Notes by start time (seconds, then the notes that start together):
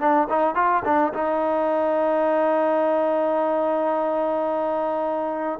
0.00 D4
0.30 D#4
0.55 F4
0.85 D4
1.14 D#4